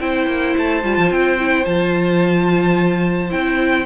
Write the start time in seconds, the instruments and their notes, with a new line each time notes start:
0.00 cello C4, viola E4, violin C5 G5
0.26 cello A#3
0.57 cello A3, violin A5
0.83 cello G3, viola F4
0.97 cello F3
1.10 cello C4, violin G5
1.39 viola E4
1.64 cello F3, viola F4, violin A5
3.30 cello C4, viola E4, violin G5